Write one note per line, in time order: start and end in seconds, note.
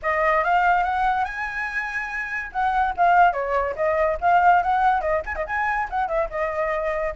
0.02 0.43 D#5
0.43 0.83 F5
0.83 1.25 F#5
1.25 2.50 G#5
2.52 2.94 F#5
2.96 3.32 F5
3.32 3.74 C#5
3.76 4.18 D#5
4.20 4.62 F5
4.62 5.01 F#5
5.01 5.22 D#5
5.25 5.35 G#5
5.35 5.45 D#5
5.46 5.88 G#5
5.90 6.08 F#5
6.08 6.29 E5
6.30 7.13 D#5